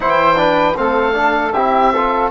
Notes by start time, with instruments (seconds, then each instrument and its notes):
0.00 bassoon E3, trombone E4, flute C5, oboe G5
0.36 trombone D4, flute B4
0.76 bassoon A3, trombone C4, flute A4, oboe F5
1.12 trombone D4
1.52 bassoon C4, trombone E4, flute G4, oboe E5
1.92 trombone F4, flute A4